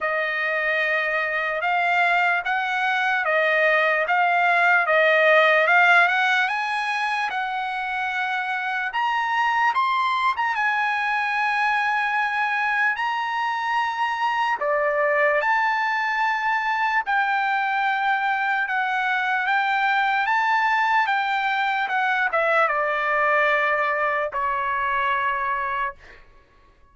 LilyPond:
\new Staff \with { instrumentName = "trumpet" } { \time 4/4 \tempo 4 = 74 dis''2 f''4 fis''4 | dis''4 f''4 dis''4 f''8 fis''8 | gis''4 fis''2 ais''4 | c'''8. ais''16 gis''2. |
ais''2 d''4 a''4~ | a''4 g''2 fis''4 | g''4 a''4 g''4 fis''8 e''8 | d''2 cis''2 | }